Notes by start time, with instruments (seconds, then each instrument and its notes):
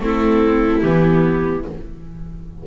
0.00 double bass A3, viola C4 E4, clarinet A4
0.81 double bass E3, viola B3, clarinet G4